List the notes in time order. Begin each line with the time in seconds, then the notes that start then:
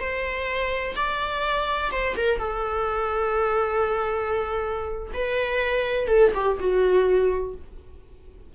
0.00 C5
0.96 D5
1.92 C5
2.17 A#4
2.39 A4
5.14 B4
6.08 A4
6.35 G4
6.60 F#4